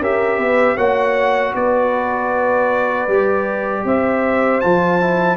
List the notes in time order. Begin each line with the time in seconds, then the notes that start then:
0.00 C#4 G4 A#4 E5
0.38 B3 B4
0.76 A#3 F#4 C#5 F#5
1.54 B3 B4 D5
3.07 G3 G4
3.84 C4 C5 E5
4.60 F3 F4 A5
5.01 E4